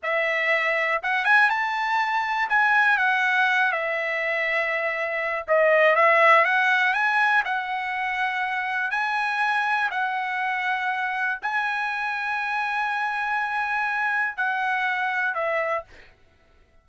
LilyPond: \new Staff \with { instrumentName = "trumpet" } { \time 4/4 \tempo 4 = 121 e''2 fis''8 gis''8 a''4~ | a''4 gis''4 fis''4. e''8~ | e''2. dis''4 | e''4 fis''4 gis''4 fis''4~ |
fis''2 gis''2 | fis''2. gis''4~ | gis''1~ | gis''4 fis''2 e''4 | }